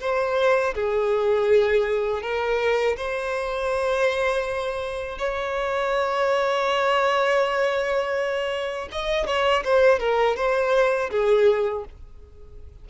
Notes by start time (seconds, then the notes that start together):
0.00 C5
0.74 G#4
2.22 A#4
2.96 C5
5.18 C#5
8.92 D#5
9.26 C#5
9.64 C5
9.99 A#4
10.36 C5
11.10 G#4